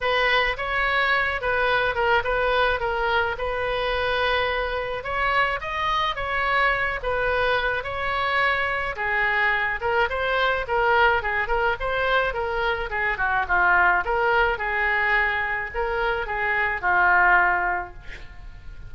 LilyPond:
\new Staff \with { instrumentName = "oboe" } { \time 4/4 \tempo 4 = 107 b'4 cis''4. b'4 ais'8 | b'4 ais'4 b'2~ | b'4 cis''4 dis''4 cis''4~ | cis''8 b'4. cis''2 |
gis'4. ais'8 c''4 ais'4 | gis'8 ais'8 c''4 ais'4 gis'8 fis'8 | f'4 ais'4 gis'2 | ais'4 gis'4 f'2 | }